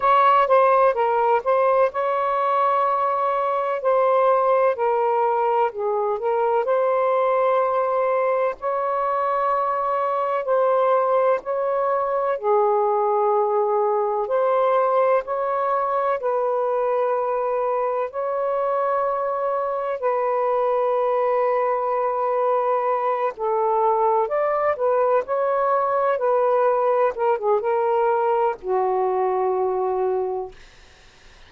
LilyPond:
\new Staff \with { instrumentName = "saxophone" } { \time 4/4 \tempo 4 = 63 cis''8 c''8 ais'8 c''8 cis''2 | c''4 ais'4 gis'8 ais'8 c''4~ | c''4 cis''2 c''4 | cis''4 gis'2 c''4 |
cis''4 b'2 cis''4~ | cis''4 b'2.~ | b'8 a'4 d''8 b'8 cis''4 b'8~ | b'8 ais'16 gis'16 ais'4 fis'2 | }